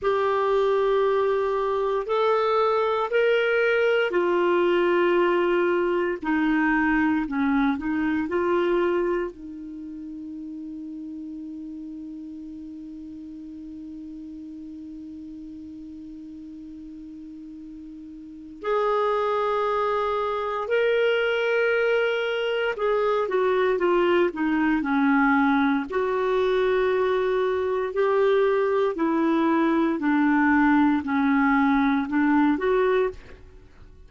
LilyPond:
\new Staff \with { instrumentName = "clarinet" } { \time 4/4 \tempo 4 = 58 g'2 a'4 ais'4 | f'2 dis'4 cis'8 dis'8 | f'4 dis'2.~ | dis'1~ |
dis'2 gis'2 | ais'2 gis'8 fis'8 f'8 dis'8 | cis'4 fis'2 g'4 | e'4 d'4 cis'4 d'8 fis'8 | }